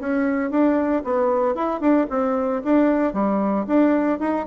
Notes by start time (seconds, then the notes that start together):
0.00 C#4
0.51 D4
1.04 B3
1.55 E4
1.81 D4
2.10 C4
2.64 D4
3.13 G3
3.67 D4
4.20 D#4